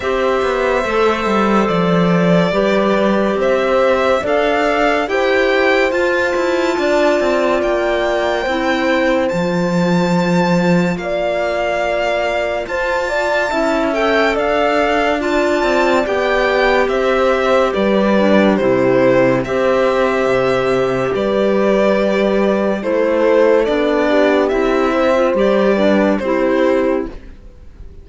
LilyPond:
<<
  \new Staff \with { instrumentName = "violin" } { \time 4/4 \tempo 4 = 71 e''2 d''2 | e''4 f''4 g''4 a''4~ | a''4 g''2 a''4~ | a''4 f''2 a''4~ |
a''8 g''8 f''4 a''4 g''4 | e''4 d''4 c''4 e''4~ | e''4 d''2 c''4 | d''4 e''4 d''4 c''4 | }
  \new Staff \with { instrumentName = "horn" } { \time 4/4 c''2. b'4 | c''4 d''4 c''2 | d''2 c''2~ | c''4 d''2 c''8 d''8 |
e''4 d''2. | c''4 b'4 g'4 c''4~ | c''4 b'2 a'4~ | a'8 g'4 c''4 b'8 g'4 | }
  \new Staff \with { instrumentName = "clarinet" } { \time 4/4 g'4 a'2 g'4~ | g'4 a'4 g'4 f'4~ | f'2 e'4 f'4~ | f'1 |
e'8 a'4. f'4 g'4~ | g'4. d'8 e'4 g'4~ | g'2. e'4 | d'4 e'8. f'16 g'8 d'8 e'4 | }
  \new Staff \with { instrumentName = "cello" } { \time 4/4 c'8 b8 a8 g8 f4 g4 | c'4 d'4 e'4 f'8 e'8 | d'8 c'8 ais4 c'4 f4~ | f4 ais2 f'4 |
cis'4 d'4. c'8 b4 | c'4 g4 c4 c'4 | c4 g2 a4 | b4 c'4 g4 c'4 | }
>>